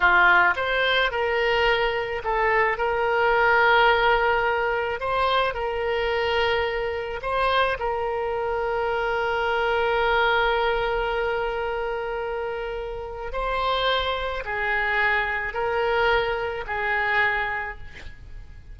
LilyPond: \new Staff \with { instrumentName = "oboe" } { \time 4/4 \tempo 4 = 108 f'4 c''4 ais'2 | a'4 ais'2.~ | ais'4 c''4 ais'2~ | ais'4 c''4 ais'2~ |
ais'1~ | ais'1 | c''2 gis'2 | ais'2 gis'2 | }